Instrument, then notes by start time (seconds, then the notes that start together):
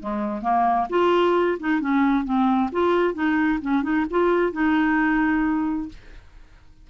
clarinet
0.00 G#3
0.42 A#3
0.90 F4
1.60 D#4
1.81 C#4
2.25 C4
2.72 F4
3.14 D#4
3.62 C#4
3.83 D#4
4.11 F4
4.53 D#4